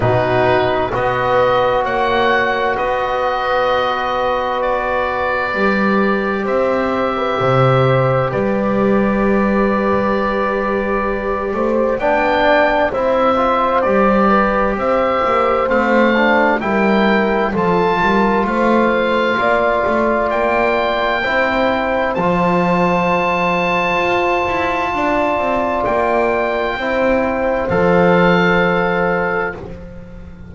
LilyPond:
<<
  \new Staff \with { instrumentName = "oboe" } { \time 4/4 \tempo 4 = 65 b'4 dis''4 fis''4 dis''4~ | dis''4 d''2 e''4~ | e''4 d''2.~ | d''4 g''4 e''4 d''4 |
e''4 f''4 g''4 a''4 | f''2 g''2 | a''1 | g''2 f''2 | }
  \new Staff \with { instrumentName = "horn" } { \time 4/4 fis'4 b'4 cis''4 b'4~ | b'2. c''8. b'16 | c''4 b'2.~ | b'8 c''8 d''4 c''4. b'8 |
c''2 ais'4 a'8 ais'8 | c''4 d''2 c''4~ | c''2. d''4~ | d''4 c''2. | }
  \new Staff \with { instrumentName = "trombone" } { \time 4/4 dis'4 fis'2.~ | fis'2 g'2~ | g'1~ | g'4 d'4 e'8 f'8 g'4~ |
g'4 c'8 d'8 e'4 f'4~ | f'2. e'4 | f'1~ | f'4 e'4 a'2 | }
  \new Staff \with { instrumentName = "double bass" } { \time 4/4 b,4 b4 ais4 b4~ | b2 g4 c'4 | c4 g2.~ | g8 a8 b4 c'4 g4 |
c'8 ais8 a4 g4 f8 g8 | a4 ais8 a8 ais4 c'4 | f2 f'8 e'8 d'8 c'8 | ais4 c'4 f2 | }
>>